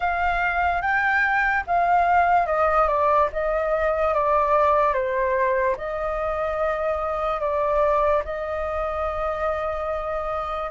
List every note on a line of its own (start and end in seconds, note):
0.00 0.81 F5
0.81 1.63 G5
1.67 2.46 F5
2.46 2.87 D#5
2.87 3.28 D5
3.32 4.14 D#5
4.14 4.93 D5
4.93 5.75 C5
5.77 7.40 D#5
7.40 8.22 D5
8.24 10.70 D#5